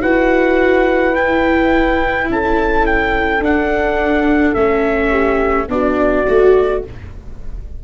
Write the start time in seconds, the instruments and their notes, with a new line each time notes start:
0.00 tuba E4, viola F#4, horn B4, trumpet F#5
1.15 viola E4, trumpet G5
2.29 tuba C#4, horn A4, trumpet A5
2.86 trumpet G5
3.40 tuba D4, viola D4, trumpet F#5
4.54 tuba A3, viola C#4, trumpet E5
5.10 horn G4
5.68 tuba B3, viola D4, horn F#4, trumpet D5
6.27 tuba A3, viola F#4